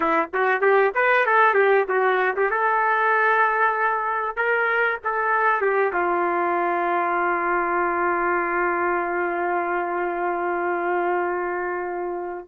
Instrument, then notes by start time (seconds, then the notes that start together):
trumpet
0.00 E4
0.33 F#4
0.61 G4
0.95 B4
1.26 A4
1.53 G4
1.88 F#4
2.36 G4
2.50 A4
4.36 A#4
5.03 A4
5.61 G4
5.93 F4